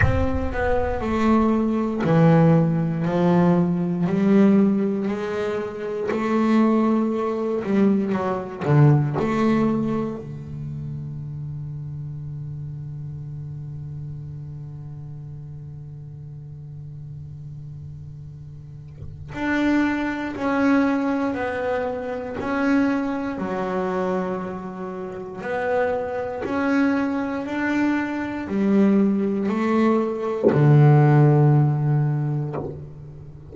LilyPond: \new Staff \with { instrumentName = "double bass" } { \time 4/4 \tempo 4 = 59 c'8 b8 a4 e4 f4 | g4 gis4 a4. g8 | fis8 d8 a4 d2~ | d1~ |
d2. d'4 | cis'4 b4 cis'4 fis4~ | fis4 b4 cis'4 d'4 | g4 a4 d2 | }